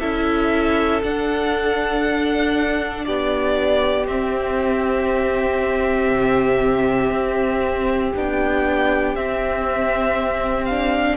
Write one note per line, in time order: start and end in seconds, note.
0.00 1.03 C#4
0.00 1.03 E4
0.00 3.06 A4
0.00 1.02 E5
1.03 3.07 D4
1.03 4.06 D4
1.03 3.05 F#5
3.05 4.08 B3
3.05 11.18 G4
3.05 4.07 D5
4.06 8.13 C4
4.06 6.09 C4
4.06 8.14 E5
6.09 7.11 C3
7.11 8.12 C4
8.16 9.16 B3
8.16 9.17 D4
8.16 9.16 G5
9.16 11.18 C4
9.16 10.69 C4
9.16 10.65 E5
10.65 11.18 D4
10.65 11.16 F5